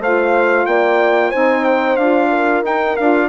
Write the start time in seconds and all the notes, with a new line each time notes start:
0.00 A3 F4 C5 F5
0.66 A#3 D5 G5
1.30 C4 D#4 C5 G#5
1.65 G5
1.97 D4 F4 F5
2.29 A#4
2.63 D#4 G5
2.97 D4 F4 F5